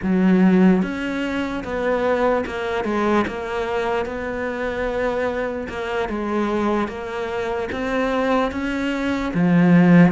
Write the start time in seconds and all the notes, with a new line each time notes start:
0.02 F#3
0.82 C#4
1.64 B3
2.45 A#3
2.84 G#3
3.27 A#3
4.05 B3
5.68 A#3
6.08 G#3
6.87 A#3
7.72 C4
8.51 C#4
9.34 F3